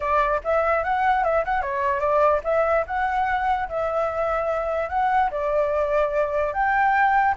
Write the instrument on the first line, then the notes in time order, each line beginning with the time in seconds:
flute
0.00 D5
0.44 E5
0.83 F#5
1.24 E5
1.44 F#5
1.61 C#5
2.00 D5
2.44 E5
2.86 F#5
3.68 E5
4.89 F#5
5.30 D5
6.53 G5